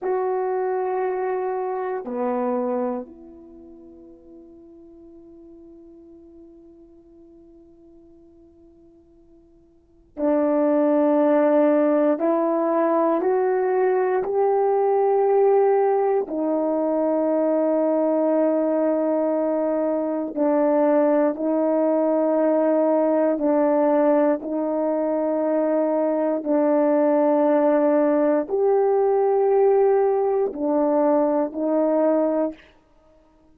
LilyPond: \new Staff \with { instrumentName = "horn" } { \time 4/4 \tempo 4 = 59 fis'2 b4 e'4~ | e'1~ | e'2 d'2 | e'4 fis'4 g'2 |
dis'1 | d'4 dis'2 d'4 | dis'2 d'2 | g'2 d'4 dis'4 | }